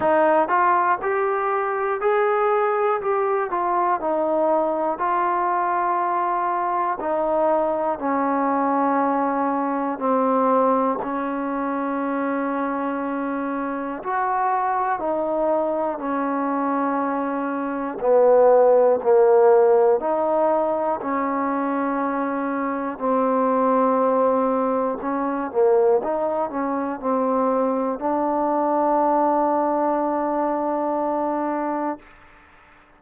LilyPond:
\new Staff \with { instrumentName = "trombone" } { \time 4/4 \tempo 4 = 60 dis'8 f'8 g'4 gis'4 g'8 f'8 | dis'4 f'2 dis'4 | cis'2 c'4 cis'4~ | cis'2 fis'4 dis'4 |
cis'2 b4 ais4 | dis'4 cis'2 c'4~ | c'4 cis'8 ais8 dis'8 cis'8 c'4 | d'1 | }